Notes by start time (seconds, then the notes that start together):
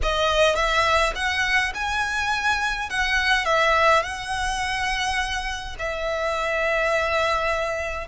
0.02 D#5
0.55 E5
1.15 F#5
1.74 G#5
2.89 F#5
3.45 E5
4.03 F#5
5.78 E5